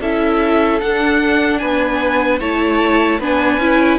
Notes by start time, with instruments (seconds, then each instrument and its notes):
0.00 cello C#4, viola E4, violin A4 E5
0.80 viola D4, cello D4, violin F#5
1.58 cello B3, violin B4 G#5
2.39 cello A3, viola E4, violin C#5 A5
3.19 cello B3, viola D4, violin B4 G#5
3.57 cello C#4, viola E4